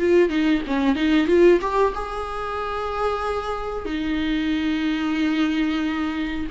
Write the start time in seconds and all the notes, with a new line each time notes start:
0.00 F4
0.30 D#4
0.68 C#4
0.96 D#4
1.27 F4
1.61 G4
1.95 G#4
3.86 D#4